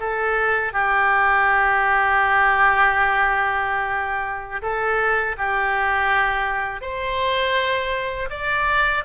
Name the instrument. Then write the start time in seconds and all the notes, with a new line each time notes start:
oboe
0.00 A4
0.73 G4
4.62 A4
5.38 G4
6.81 C5
8.30 D5